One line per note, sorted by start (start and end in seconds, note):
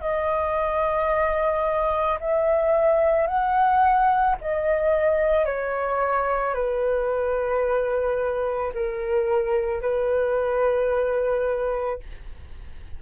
0.00 2.18 D#5
2.20 3.27 E5
3.27 4.36 F#5
4.41 5.45 D#5
5.45 6.54 C#5
6.54 8.72 B4
8.73 9.81 A#4
9.81 12.00 B4